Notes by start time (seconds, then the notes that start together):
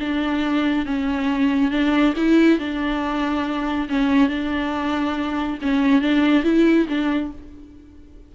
0.00 D4
0.86 C#4
1.71 D4
2.17 E4
2.59 D4
3.89 C#4
4.29 D4
5.62 C#4
6.01 D4
6.43 E4
6.88 D4